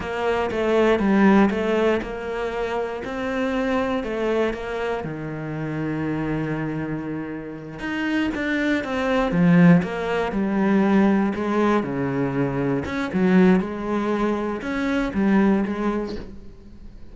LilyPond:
\new Staff \with { instrumentName = "cello" } { \time 4/4 \tempo 4 = 119 ais4 a4 g4 a4 | ais2 c'2 | a4 ais4 dis2~ | dis2.~ dis8 dis'8~ |
dis'8 d'4 c'4 f4 ais8~ | ais8 g2 gis4 cis8~ | cis4. cis'8 fis4 gis4~ | gis4 cis'4 g4 gis4 | }